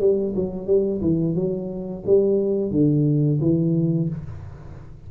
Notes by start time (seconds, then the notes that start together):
0.00 G3
0.35 F#3
0.67 G3
1.01 E3
1.35 F#3
2.06 G3
2.71 D3
3.41 E3